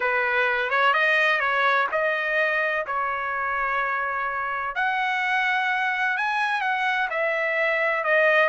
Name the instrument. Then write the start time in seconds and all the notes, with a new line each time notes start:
trumpet
0.00 B4
0.70 C#5
0.93 D#5
1.39 C#5
1.91 D#5
2.86 C#5
4.75 F#5
6.17 G#5
6.61 F#5
7.10 E5
8.03 D#5